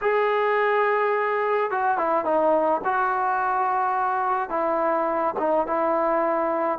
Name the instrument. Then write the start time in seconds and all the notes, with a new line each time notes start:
trombone
0.01 G#4
1.70 F#4
1.97 E4
2.24 D#4
2.84 F#4
4.49 E4
5.38 D#4
5.66 E4